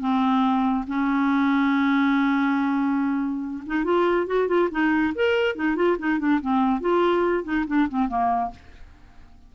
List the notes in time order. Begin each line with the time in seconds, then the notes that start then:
0.00 C4
0.87 C#4
3.66 D#4
3.84 F4
4.27 F#4
4.48 F4
4.71 D#4
5.15 A#4
5.56 D#4
5.76 F4
5.99 D#4
6.19 D4
6.41 C4
6.81 F4
7.44 D#4
7.67 D4
7.89 C4
8.08 A#3